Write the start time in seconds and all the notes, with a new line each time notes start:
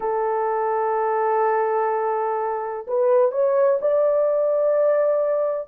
0.00 A4
2.87 B4
3.31 C#5
3.81 D5